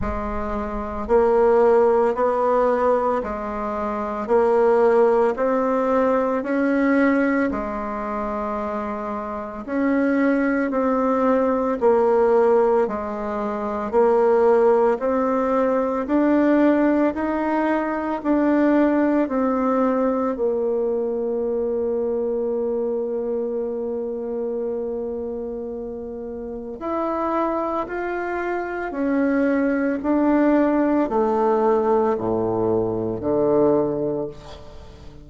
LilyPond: \new Staff \with { instrumentName = "bassoon" } { \time 4/4 \tempo 4 = 56 gis4 ais4 b4 gis4 | ais4 c'4 cis'4 gis4~ | gis4 cis'4 c'4 ais4 | gis4 ais4 c'4 d'4 |
dis'4 d'4 c'4 ais4~ | ais1~ | ais4 e'4 f'4 cis'4 | d'4 a4 a,4 d4 | }